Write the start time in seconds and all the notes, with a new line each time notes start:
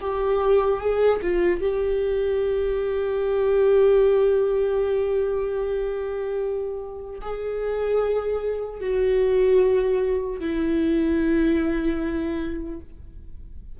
0.00 G4
0.80 G#4
1.22 F4
1.60 G4
7.21 G#4
8.80 F#4
10.40 E4